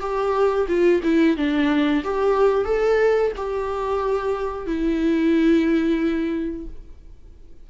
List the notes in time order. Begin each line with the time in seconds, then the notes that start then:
0.00 G4
0.68 F4
1.03 E4
1.37 D4
2.04 G4
2.65 A4
3.37 G4
4.66 E4